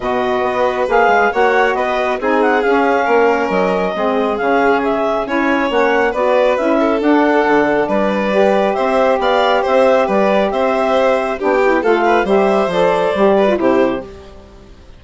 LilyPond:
<<
  \new Staff \with { instrumentName = "clarinet" } { \time 4/4 \tempo 4 = 137 dis''2 f''4 fis''4 | dis''4 gis''8 fis''8 f''2 | dis''2 f''4 e''4 | gis''4 fis''4 d''4 e''4 |
fis''2 d''2 | e''4 f''4 e''4 d''4 | e''2 g''4 f''4 | e''4 d''2 c''4 | }
  \new Staff \with { instrumentName = "violin" } { \time 4/4 b'2. cis''4 | b'4 gis'2 ais'4~ | ais'4 gis'2. | cis''2 b'4. a'8~ |
a'2 b'2 | c''4 d''4 c''4 b'4 | c''2 g'4 a'8 b'8 | c''2~ c''8 b'8 g'4 | }
  \new Staff \with { instrumentName = "saxophone" } { \time 4/4 fis'2 gis'4 fis'4~ | fis'4 dis'4 cis'2~ | cis'4 c'4 cis'2 | e'4 cis'4 fis'4 e'4 |
d'2. g'4~ | g'1~ | g'2 d'8 e'8 f'4 | g'4 a'4 g'8. f'16 e'4 | }
  \new Staff \with { instrumentName = "bassoon" } { \time 4/4 b,4 b4 ais8 gis8 ais4 | b4 c'4 cis'4 ais4 | fis4 gis4 cis2 | cis'4 ais4 b4 cis'4 |
d'4 d4 g2 | c'4 b4 c'4 g4 | c'2 b4 a4 | g4 f4 g4 c4 | }
>>